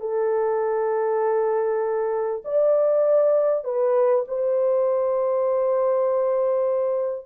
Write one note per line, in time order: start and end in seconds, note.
0.00 2.42 A4
2.44 3.64 D5
3.64 4.24 B4
4.27 7.26 C5